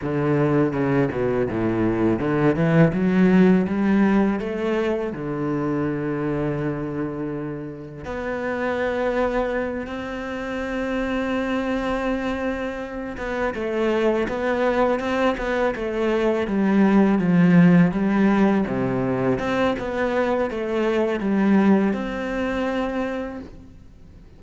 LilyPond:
\new Staff \with { instrumentName = "cello" } { \time 4/4 \tempo 4 = 82 d4 cis8 b,8 a,4 d8 e8 | fis4 g4 a4 d4~ | d2. b4~ | b4. c'2~ c'8~ |
c'2 b8 a4 b8~ | b8 c'8 b8 a4 g4 f8~ | f8 g4 c4 c'8 b4 | a4 g4 c'2 | }